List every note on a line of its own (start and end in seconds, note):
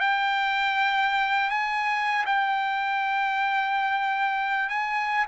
0.00 1.50 G5
1.50 2.25 G#5
2.26 4.69 G5
4.69 5.25 G#5